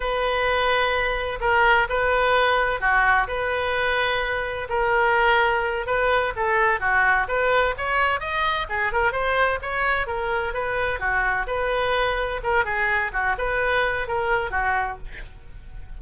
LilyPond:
\new Staff \with { instrumentName = "oboe" } { \time 4/4 \tempo 4 = 128 b'2. ais'4 | b'2 fis'4 b'4~ | b'2 ais'2~ | ais'8 b'4 a'4 fis'4 b'8~ |
b'8 cis''4 dis''4 gis'8 ais'8 c''8~ | c''8 cis''4 ais'4 b'4 fis'8~ | fis'8 b'2 ais'8 gis'4 | fis'8 b'4. ais'4 fis'4 | }